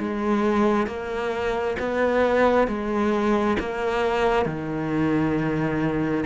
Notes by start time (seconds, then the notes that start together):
0.00 G#3
0.87 A#3
1.80 B3
2.68 G#3
3.60 A#3
4.46 D#3